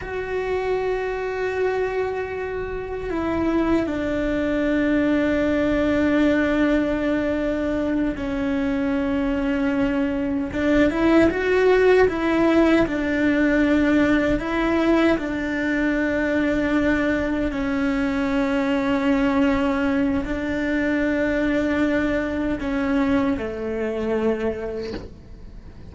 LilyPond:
\new Staff \with { instrumentName = "cello" } { \time 4/4 \tempo 4 = 77 fis'1 | e'4 d'2.~ | d'2~ d'8 cis'4.~ | cis'4. d'8 e'8 fis'4 e'8~ |
e'8 d'2 e'4 d'8~ | d'2~ d'8 cis'4.~ | cis'2 d'2~ | d'4 cis'4 a2 | }